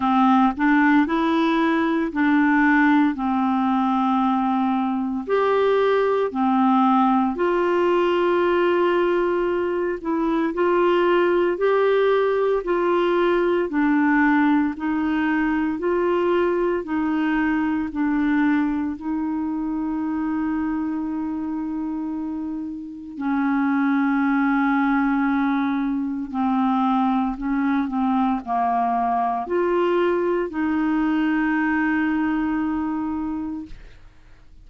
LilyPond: \new Staff \with { instrumentName = "clarinet" } { \time 4/4 \tempo 4 = 57 c'8 d'8 e'4 d'4 c'4~ | c'4 g'4 c'4 f'4~ | f'4. e'8 f'4 g'4 | f'4 d'4 dis'4 f'4 |
dis'4 d'4 dis'2~ | dis'2 cis'2~ | cis'4 c'4 cis'8 c'8 ais4 | f'4 dis'2. | }